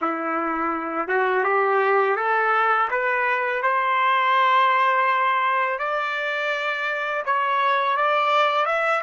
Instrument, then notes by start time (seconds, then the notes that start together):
trumpet
0.01 E4
1.07 F#4
1.44 G4
2.16 A4
2.90 B4
3.62 C5
5.78 D5
7.25 C#5
7.96 D5
8.65 E5